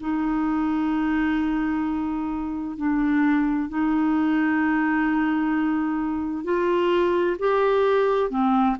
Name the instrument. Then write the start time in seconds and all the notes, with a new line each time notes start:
clarinet
0.00 D#4
2.77 D4
3.69 D#4
6.44 F4
7.39 G4
8.30 C4